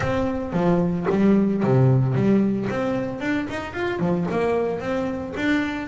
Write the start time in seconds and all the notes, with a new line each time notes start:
0.00 C4
0.53 F3
1.10 G3
1.63 C3
2.15 G3
2.69 C4
3.20 D4
3.50 D#4
3.73 F4
3.99 F3
4.31 A#3
4.80 C4
5.36 D4